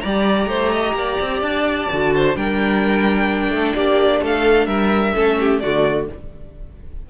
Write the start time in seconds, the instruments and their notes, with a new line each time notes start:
0.00 cello G3, violin D5 A#5
0.06 viola G4
0.46 cello A3, violin C5
0.72 violin D#5
0.93 cello A#3, violin D5
1.21 cello C4
1.41 cello D4, violin A5
1.92 cello D3, viola F#4
2.15 violin C5
2.35 cello G3, viola D4, violin A#4 G5
3.49 cello A3, violin A4
3.75 cello A#3, violin G4 D5
4.21 cello A3, violin A4 F5
4.66 cello G3, violin A#4 E5
5.14 cello A3, viola C#4, violin A4
5.39 violin G4
5.59 cello D3, viola A3, violin F#4 D5